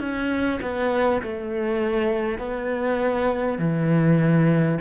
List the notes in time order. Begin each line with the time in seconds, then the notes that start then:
0.00 C#4
0.62 B3
1.22 A3
2.38 B3
3.58 E3